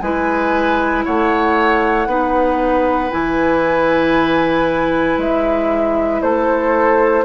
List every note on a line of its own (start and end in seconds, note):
0.00 1.05 G#3
0.00 2.08 E4
0.00 1.05 B4
0.00 1.03 G#5
1.05 2.07 A3
1.05 2.08 C#5
1.05 3.11 F#5
2.07 3.10 B3
2.07 3.11 D#4
2.07 6.22 B4
3.11 5.18 E3
3.11 7.24 E4
3.11 5.18 G#5
5.18 6.21 G#3
5.18 6.22 E5
6.22 7.25 A3
6.22 7.25 A4
6.22 7.25 C5